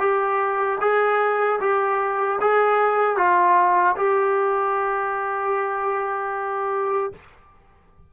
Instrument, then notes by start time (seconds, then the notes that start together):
trombone
0.00 G4
0.81 G#4
1.61 G4
2.41 G#4
3.17 F4
3.97 G4